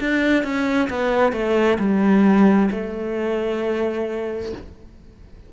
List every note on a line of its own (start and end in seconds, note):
0.00 0.43 D4
0.43 0.89 C#4
0.89 1.32 B3
1.32 1.78 A3
1.79 2.69 G3
2.70 4.52 A3